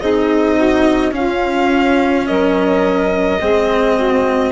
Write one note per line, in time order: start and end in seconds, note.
0.00 1.13 C4
0.00 1.11 D#4
0.00 0.55 G#4
0.00 1.13 D#5
0.55 1.12 F#4
1.11 3.37 C#4
1.11 2.28 C#4
1.11 2.28 F4
1.11 2.26 F5
2.26 3.41 F#3
2.26 3.41 A#4
2.26 4.51 D#5
3.41 4.51 G#3
3.41 4.51 C4
3.41 3.96 G#4
3.96 4.51 F#4